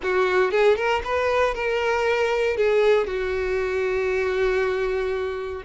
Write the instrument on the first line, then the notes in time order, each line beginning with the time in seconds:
violin
0.03 F#4
0.51 G#4
0.76 A#4
1.04 B4
1.54 A#4
2.56 G#4
3.06 F#4